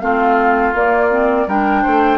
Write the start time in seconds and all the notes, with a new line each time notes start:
0.00 A3 C4 F4 F5
0.74 A#3 D5
1.11 C4
1.47 G3 D4 A#4 G5
1.82 A3 C5